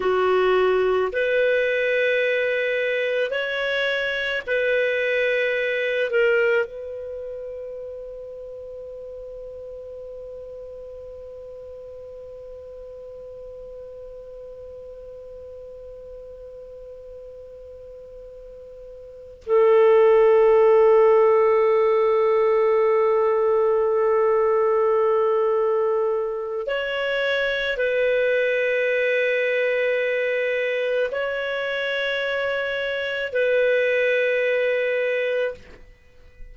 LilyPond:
\new Staff \with { instrumentName = "clarinet" } { \time 4/4 \tempo 4 = 54 fis'4 b'2 cis''4 | b'4. ais'8 b'2~ | b'1~ | b'1~ |
b'4. a'2~ a'8~ | a'1 | cis''4 b'2. | cis''2 b'2 | }